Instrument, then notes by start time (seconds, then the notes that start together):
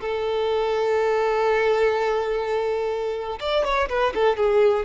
violin
0.00 A4
3.40 D5
3.64 C#5
3.89 B4
4.14 A4
4.37 G#4